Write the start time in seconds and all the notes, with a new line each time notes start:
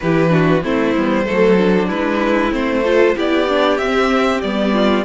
0.00 E3 E4 G4 B4
0.29 D4 F#4
0.63 A3 C4 E4 C5
0.96 G3 B3
1.25 F#3 A3 A4
1.58 D4
1.87 G#3 E4 B4
2.50 A3 C4 C5
2.84 F4 A4
3.15 B3 E4 G4 D5
3.48 D4
3.77 C4 E5
3.84 C4
4.41 G3 B3 D5
4.72 F4